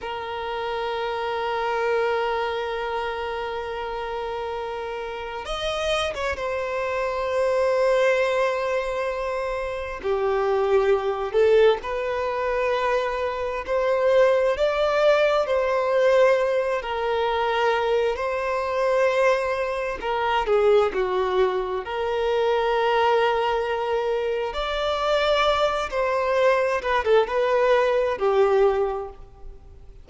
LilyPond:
\new Staff \with { instrumentName = "violin" } { \time 4/4 \tempo 4 = 66 ais'1~ | ais'2 dis''8. cis''16 c''4~ | c''2. g'4~ | g'8 a'8 b'2 c''4 |
d''4 c''4. ais'4. | c''2 ais'8 gis'8 fis'4 | ais'2. d''4~ | d''8 c''4 b'16 a'16 b'4 g'4 | }